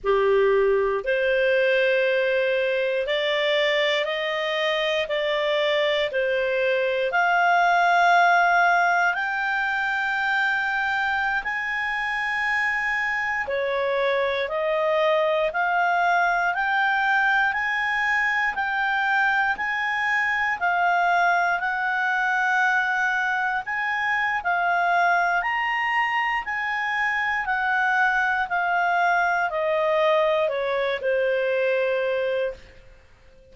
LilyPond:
\new Staff \with { instrumentName = "clarinet" } { \time 4/4 \tempo 4 = 59 g'4 c''2 d''4 | dis''4 d''4 c''4 f''4~ | f''4 g''2~ g''16 gis''8.~ | gis''4~ gis''16 cis''4 dis''4 f''8.~ |
f''16 g''4 gis''4 g''4 gis''8.~ | gis''16 f''4 fis''2 gis''8. | f''4 ais''4 gis''4 fis''4 | f''4 dis''4 cis''8 c''4. | }